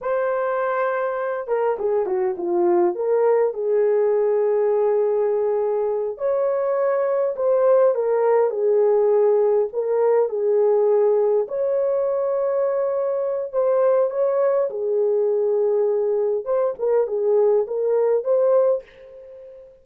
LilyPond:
\new Staff \with { instrumentName = "horn" } { \time 4/4 \tempo 4 = 102 c''2~ c''8 ais'8 gis'8 fis'8 | f'4 ais'4 gis'2~ | gis'2~ gis'8 cis''4.~ | cis''8 c''4 ais'4 gis'4.~ |
gis'8 ais'4 gis'2 cis''8~ | cis''2. c''4 | cis''4 gis'2. | c''8 ais'8 gis'4 ais'4 c''4 | }